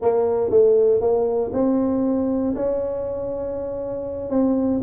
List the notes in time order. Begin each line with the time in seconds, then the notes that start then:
0.01 A#3
0.50 A3
1.01 A#3
1.53 C4
2.55 C#4
4.30 C4